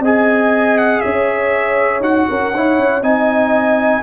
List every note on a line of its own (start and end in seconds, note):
0.00 1.00 C4
0.00 2.02 G#4
0.00 1.01 D#5
0.00 0.78 G#5
0.78 1.01 F#5
1.01 2.00 C#4
1.01 2.28 C#5
1.01 2.01 E5
2.00 2.25 D#4
2.00 2.52 F#4
2.00 3.03 F#5
2.29 2.54 C#4
2.29 2.54 A#4
2.54 2.79 D#4
2.54 3.02 E4
2.54 3.03 C#5
2.79 3.02 C#4
3.02 4.02 C4
3.02 4.03 D#4
3.02 4.03 D#5
3.02 4.03 G#5